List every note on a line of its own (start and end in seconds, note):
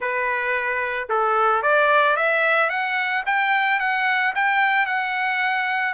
0.00 1.08 B4
1.09 1.62 A4
1.62 2.16 D5
2.16 2.69 E5
2.69 3.23 F#5
3.26 3.79 G5
3.79 4.33 F#5
4.35 4.86 G5
4.86 5.93 F#5